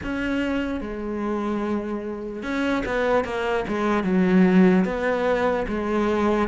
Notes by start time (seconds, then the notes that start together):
0.03 C#4
0.80 G#3
2.42 C#4
2.85 B3
3.24 A#3
3.67 G#3
4.03 F#3
4.84 B3
5.68 G#3